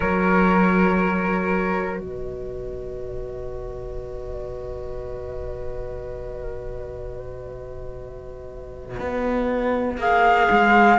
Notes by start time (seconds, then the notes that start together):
0.00 F#3 F#4 A#4 C#5
1.99 B2 B4 D#5
8.99 B3
9.97 A#3 G#4 F5
10.50 G#3